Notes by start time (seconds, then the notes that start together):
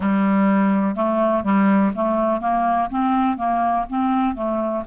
0.00 G3
0.95 A3
1.43 G3
1.95 A3
2.41 A#3
2.89 C4
3.37 A#3
3.89 C4
4.35 A3